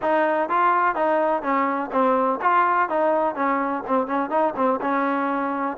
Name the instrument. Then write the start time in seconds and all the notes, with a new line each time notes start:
trombone
0.02 D#4
0.49 F4
0.95 D#4
1.42 C#4
1.91 C4
2.41 F4
2.89 D#4
3.35 C#4
3.87 C4
4.06 C#4
4.30 D#4
4.56 C4
4.81 C#4